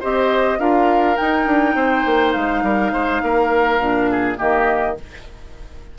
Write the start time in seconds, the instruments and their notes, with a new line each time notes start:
0.00 bassoon C4, clarinet G4, oboe C5, flute D#5
0.59 bassoon D4, clarinet F4, oboe A#4, flute F5
1.16 clarinet D#4, bassoon D#4, flute G5
1.46 bassoon D4
1.75 bassoon C4, oboe C5
2.06 bassoon A#3
2.32 bassoon G#3, flute F5
2.63 bassoon G3, oboe A#4
2.92 bassoon G#3, oboe C5
3.23 bassoon A#3, oboe A#4
3.79 bassoon A#2, clarinet D4
4.11 oboe G#4
4.37 bassoon D#3, clarinet A#3, oboe G4, flute D#5